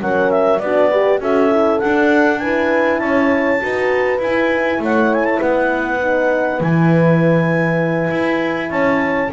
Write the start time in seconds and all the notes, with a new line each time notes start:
0.00 F#3 C#4 A#4 F#5
0.31 E5
0.59 B3 D4 F#4 D5
0.90 G4 B4
1.20 C#4 F#4 A4 E5
1.50 E4
1.79 D4 F#5
2.39 E4 B4 G#5
2.99 C#4 C#5 A5
3.60 D#4 F#4 B4
4.19 E4 G#5
4.79 A3 C#5 F#5
5.14 G#5
5.25 A5
5.39 B3 B4 F#5
6.01 D#4
6.59 E3 E4 G#5
8.10 E4
8.70 C#4 C#5 A5